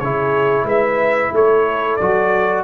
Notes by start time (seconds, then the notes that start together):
0.00 C#3 E4 G#4 C#5
0.65 G#3 B4 E5
1.33 A3 A4 C#5
1.97 F#3 F#4 D5